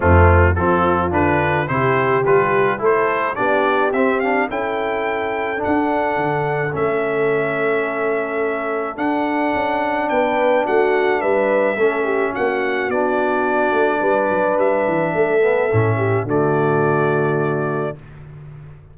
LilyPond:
<<
  \new Staff \with { instrumentName = "trumpet" } { \time 4/4 \tempo 4 = 107 f'4 a'4 b'4 c''4 | b'4 c''4 d''4 e''8 f''8 | g''2 fis''2 | e''1 |
fis''2 g''4 fis''4 | e''2 fis''4 d''4~ | d''2 e''2~ | e''4 d''2. | }
  \new Staff \with { instrumentName = "horn" } { \time 4/4 c'4 f'2 g'4~ | g'4 a'4 g'2 | a'1~ | a'1~ |
a'2 b'4 fis'4 | b'4 a'8 g'8 fis'2~ | fis'4 b'2 a'4~ | a'8 g'8 fis'2. | }
  \new Staff \with { instrumentName = "trombone" } { \time 4/4 a4 c'4 d'4 e'4 | f'4 e'4 d'4 c'8 d'8 | e'2 d'2 | cis'1 |
d'1~ | d'4 cis'2 d'4~ | d'2.~ d'8 b8 | cis'4 a2. | }
  \new Staff \with { instrumentName = "tuba" } { \time 4/4 f,4 f4 d4 c4 | g4 a4 b4 c'4 | cis'2 d'4 d4 | a1 |
d'4 cis'4 b4 a4 | g4 a4 ais4 b4~ | b8 a8 g8 fis8 g8 e8 a4 | a,4 d2. | }
>>